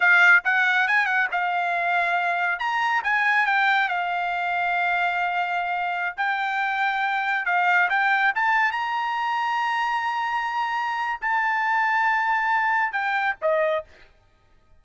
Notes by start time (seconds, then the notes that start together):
0.00 F5
0.44 F#5
0.87 G#5
1.06 F#5
1.31 F5
2.59 A#5
3.03 G#5
3.46 G5
3.88 F5
6.16 G5
7.45 F5
7.89 G5
8.35 A5
8.71 A#5
11.21 A5
12.92 G5
13.41 D#5